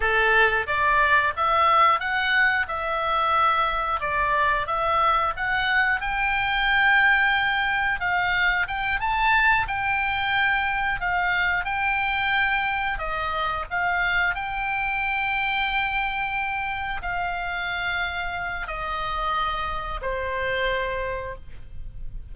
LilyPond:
\new Staff \with { instrumentName = "oboe" } { \time 4/4 \tempo 4 = 90 a'4 d''4 e''4 fis''4 | e''2 d''4 e''4 | fis''4 g''2. | f''4 g''8 a''4 g''4.~ |
g''8 f''4 g''2 dis''8~ | dis''8 f''4 g''2~ g''8~ | g''4. f''2~ f''8 | dis''2 c''2 | }